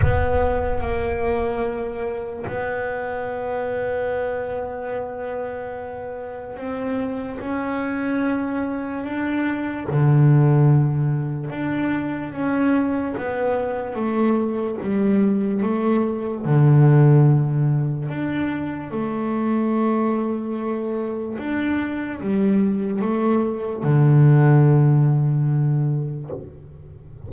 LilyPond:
\new Staff \with { instrumentName = "double bass" } { \time 4/4 \tempo 4 = 73 b4 ais2 b4~ | b1 | c'4 cis'2 d'4 | d2 d'4 cis'4 |
b4 a4 g4 a4 | d2 d'4 a4~ | a2 d'4 g4 | a4 d2. | }